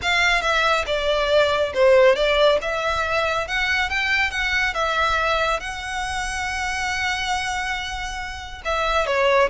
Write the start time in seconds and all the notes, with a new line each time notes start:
0.02 F5
0.41 E5
0.86 D5
1.73 C5
2.15 D5
2.61 E5
3.47 F#5
3.89 G5
4.30 F#5
4.74 E5
5.60 F#5
8.64 E5
9.06 C#5